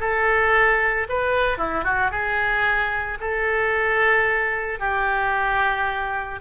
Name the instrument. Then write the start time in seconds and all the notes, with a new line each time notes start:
oboe
0.00 A4
1.09 B4
1.58 E4
1.84 F#4
2.11 G#4
3.20 A4
4.79 G4